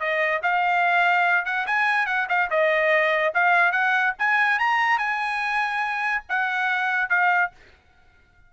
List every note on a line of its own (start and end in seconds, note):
0.00 0.42 D#5
0.43 1.46 F5
1.46 1.67 F#5
1.67 2.07 G#5
2.07 2.28 F#5
2.29 2.50 F5
2.50 3.34 D#5
3.35 3.72 F5
3.72 4.14 F#5
4.19 4.59 G#5
4.59 4.99 A#5
4.99 6.24 G#5
6.30 7.10 F#5
7.10 7.52 F5